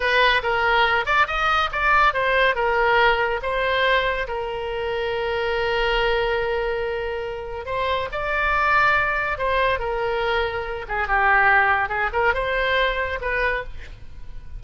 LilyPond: \new Staff \with { instrumentName = "oboe" } { \time 4/4 \tempo 4 = 141 b'4 ais'4. d''8 dis''4 | d''4 c''4 ais'2 | c''2 ais'2~ | ais'1~ |
ais'2 c''4 d''4~ | d''2 c''4 ais'4~ | ais'4. gis'8 g'2 | gis'8 ais'8 c''2 b'4 | }